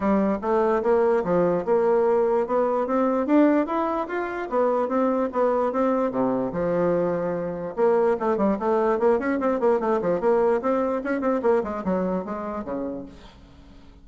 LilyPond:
\new Staff \with { instrumentName = "bassoon" } { \time 4/4 \tempo 4 = 147 g4 a4 ais4 f4 | ais2 b4 c'4 | d'4 e'4 f'4 b4 | c'4 b4 c'4 c4 |
f2. ais4 | a8 g8 a4 ais8 cis'8 c'8 ais8 | a8 f8 ais4 c'4 cis'8 c'8 | ais8 gis8 fis4 gis4 cis4 | }